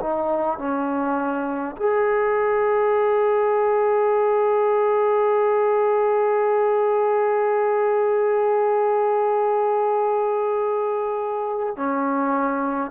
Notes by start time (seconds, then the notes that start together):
0.00 D#4
0.58 C#4
1.76 G#4
11.76 C#4